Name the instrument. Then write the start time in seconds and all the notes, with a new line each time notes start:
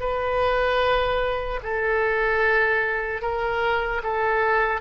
oboe
0.00 B4
1.63 A4
3.21 A#4
4.03 A4